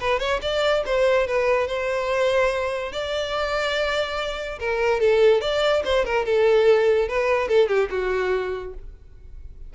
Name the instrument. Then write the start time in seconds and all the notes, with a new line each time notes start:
violin
0.00 B4
0.19 C#5
0.41 D5
0.86 C5
1.27 B4
1.67 C5
2.92 D5
4.59 A#4
5.00 A4
5.41 D5
5.84 C5
6.05 A#4
6.25 A4
7.08 B4
7.48 A4
7.68 G4
7.90 F#4